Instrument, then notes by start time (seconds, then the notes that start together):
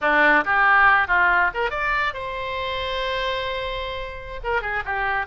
oboe
0.01 D4
0.45 G4
1.07 F4
1.54 A#4
1.70 D5
2.13 C5
4.43 A#4
4.61 G#4
4.85 G4